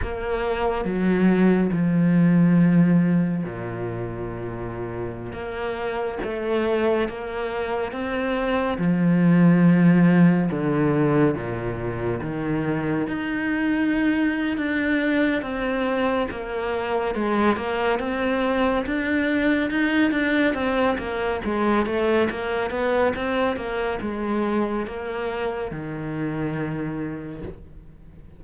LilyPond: \new Staff \with { instrumentName = "cello" } { \time 4/4 \tempo 4 = 70 ais4 fis4 f2 | ais,2~ ais,16 ais4 a8.~ | a16 ais4 c'4 f4.~ f16~ | f16 d4 ais,4 dis4 dis'8.~ |
dis'4 d'4 c'4 ais4 | gis8 ais8 c'4 d'4 dis'8 d'8 | c'8 ais8 gis8 a8 ais8 b8 c'8 ais8 | gis4 ais4 dis2 | }